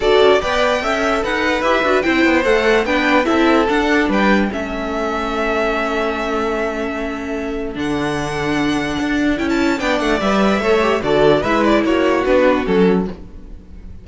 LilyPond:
<<
  \new Staff \with { instrumentName = "violin" } { \time 4/4 \tempo 4 = 147 d''4 g''2 fis''4 | e''4 g''4 fis''4 g''4 | e''4 fis''4 g''4 e''4~ | e''1~ |
e''2. fis''4~ | fis''2. g''16 a''8. | g''8 fis''8 e''2 d''4 | e''8 d''8 cis''4 b'4 a'4 | }
  \new Staff \with { instrumentName = "violin" } { \time 4/4 a'4 d''4 e''4 b'4~ | b'4 c''2 b'4 | a'2 b'4 a'4~ | a'1~ |
a'1~ | a'1 | d''2 cis''4 a'4 | b'4 fis'2. | }
  \new Staff \with { instrumentName = "viola" } { \time 4/4 fis'4 b'4 a'2 | g'8 fis'8 e'4 a'4 d'4 | e'4 d'2 cis'4~ | cis'1~ |
cis'2. d'4~ | d'2. e'4 | d'4 b'4 a'8 g'8 fis'4 | e'2 d'4 cis'4 | }
  \new Staff \with { instrumentName = "cello" } { \time 4/4 d'8 cis'8 b4 cis'4 dis'4 | e'8 d'8 c'8 b8 a4 b4 | c'4 d'4 g4 a4~ | a1~ |
a2. d4~ | d2 d'4 cis'4 | b8 a8 g4 a4 d4 | gis4 ais4 b4 fis4 | }
>>